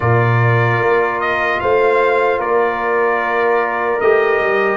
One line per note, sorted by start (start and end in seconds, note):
0.00 0.79 A#2
0.00 4.00 F4
0.00 1.60 A#4
0.00 1.20 D5
0.79 1.59 A#3
1.20 1.60 D#5
1.60 2.39 A3
1.60 2.40 C5
1.60 2.40 F5
2.39 3.99 A#3
2.39 4.77 A#4
2.39 4.00 D5
4.00 4.40 A3
4.00 4.77 G4
4.00 4.77 D#5
4.40 4.77 G3